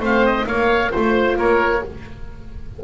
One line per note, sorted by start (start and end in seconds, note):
0.00 0.45 A3
0.00 0.47 C4
0.00 0.46 C5
0.00 0.26 F5
0.26 0.47 D#5
0.47 0.92 A#3
0.47 0.92 C#5
0.47 0.92 F5
0.92 1.37 A3
0.92 1.82 F4
0.92 1.37 C5
0.92 1.39 C5
1.37 1.82 A#3
1.37 1.84 A#4
1.37 1.84 C#5